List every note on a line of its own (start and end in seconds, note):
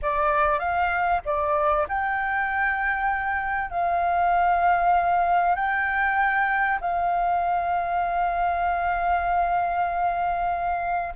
0.02 0.59 D5
0.59 1.21 F5
1.25 1.87 D5
1.88 3.70 G5
3.70 5.55 F5
5.55 6.79 G5
6.80 11.13 F5